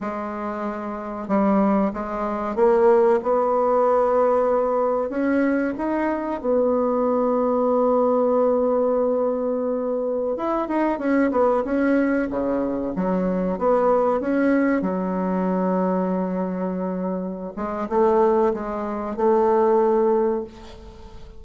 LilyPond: \new Staff \with { instrumentName = "bassoon" } { \time 4/4 \tempo 4 = 94 gis2 g4 gis4 | ais4 b2. | cis'4 dis'4 b2~ | b1~ |
b16 e'8 dis'8 cis'8 b8 cis'4 cis8.~ | cis16 fis4 b4 cis'4 fis8.~ | fis2.~ fis8 gis8 | a4 gis4 a2 | }